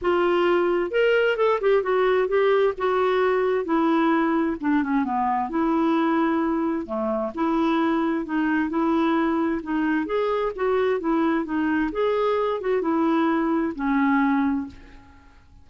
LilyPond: \new Staff \with { instrumentName = "clarinet" } { \time 4/4 \tempo 4 = 131 f'2 ais'4 a'8 g'8 | fis'4 g'4 fis'2 | e'2 d'8 cis'8 b4 | e'2. a4 |
e'2 dis'4 e'4~ | e'4 dis'4 gis'4 fis'4 | e'4 dis'4 gis'4. fis'8 | e'2 cis'2 | }